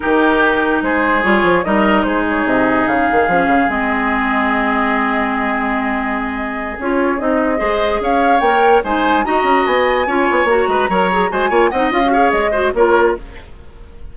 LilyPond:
<<
  \new Staff \with { instrumentName = "flute" } { \time 4/4 \tempo 4 = 146 ais'2 c''4 cis''4 | dis''4 c''8 cis''8 dis''4 f''4~ | f''4 dis''2.~ | dis''1~ |
dis''8 cis''4 dis''2 f''8~ | f''8 g''4 gis''4 ais''4 gis''8~ | gis''4. ais''2 gis''8~ | gis''8 fis''8 f''4 dis''4 cis''4 | }
  \new Staff \with { instrumentName = "oboe" } { \time 4/4 g'2 gis'2 | ais'4 gis'2.~ | gis'1~ | gis'1~ |
gis'2~ gis'8 c''4 cis''8~ | cis''4. c''4 dis''4.~ | dis''8 cis''4. b'8 cis''4 c''8 | cis''8 dis''4 cis''4 c''8 ais'4 | }
  \new Staff \with { instrumentName = "clarinet" } { \time 4/4 dis'2. f'4 | dis'1 | cis'4 c'2.~ | c'1~ |
c'8 f'4 dis'4 gis'4.~ | gis'8 ais'4 dis'4 fis'4.~ | fis'8 f'4 fis'4 ais'8 gis'8 fis'8 | f'8 dis'8 f'16 fis'16 gis'4 fis'8 f'4 | }
  \new Staff \with { instrumentName = "bassoon" } { \time 4/4 dis2 gis4 g8 f8 | g4 gis4 c4 cis8 dis8 | f8 cis8 gis2.~ | gis1~ |
gis8 cis'4 c'4 gis4 cis'8~ | cis'8 ais4 gis4 dis'8 cis'8 b8~ | b8 cis'8 b8 ais8 gis8 fis4 gis8 | ais8 c'8 cis'4 gis4 ais4 | }
>>